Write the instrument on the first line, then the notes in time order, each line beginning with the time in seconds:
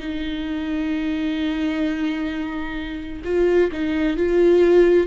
viola
0.00 D#4
3.25 F4
3.72 D#4
4.17 F4